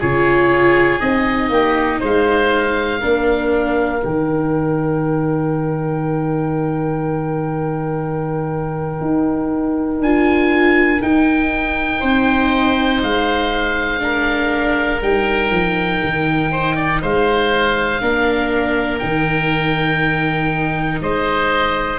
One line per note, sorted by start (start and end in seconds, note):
0.00 1.01 C#3
0.00 1.01 F4
0.00 1.50 G#4
0.00 1.00 C#5
1.00 1.50 C4
1.00 3.01 D#4
1.00 2.00 D#5
1.50 2.00 A#3
1.50 2.00 G4
2.00 3.03 G#3
2.00 3.00 C5
2.00 4.05 F5
3.00 4.04 A#3
3.00 4.00 D4
3.00 12.00 A#4
4.00 9.01 D#3
4.00 10.00 D#4
4.00 10.03 G5
9.01 10.00 D#4
10.00 11.00 D4
10.00 11.01 F4
10.00 11.02 G#5
11.01 14.00 D#4
11.01 12.03 D#4
11.01 13.02 G5
12.00 13.03 C4
12.00 14.00 C5
13.03 15.02 G#3
13.03 15.03 F5
14.00 15.00 D4
14.00 16.52 A#4
15.02 15.51 G3
15.02 18.01 D#4
15.02 17.03 G5
15.51 16.01 F3
16.04 17.03 D#3
16.52 16.76 C5
16.76 17.01 D5
17.02 18.01 G#3
17.02 18.02 C5
17.02 18.99 F5
18.01 19.01 A#3
18.01 19.01 D4
18.01 21.02 A#4
18.99 21.01 D#3
18.99 22.00 D#4
18.99 20.99 G5
21.01 22.00 G#3
21.01 22.00 C5
21.01 22.00 D#5